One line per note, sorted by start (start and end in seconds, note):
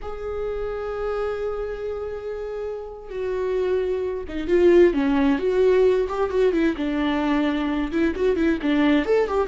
0.01 3.09 G#4
3.09 4.24 F#4
4.27 4.47 D#4
4.47 4.93 F4
4.93 5.39 C#4
5.39 6.07 F#4
6.08 6.30 G4
6.30 6.52 F#4
6.52 6.75 E4
6.76 7.91 D4
7.91 8.14 E4
8.15 8.36 F#4
8.36 8.59 E4
8.61 9.05 D4
9.05 9.27 A4
9.27 9.47 G4